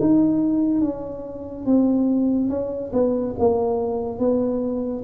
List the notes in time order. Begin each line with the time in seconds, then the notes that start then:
0.00 D#4
0.81 C#4
1.66 C4
2.49 C#4
2.93 B3
3.39 A#3
4.19 B3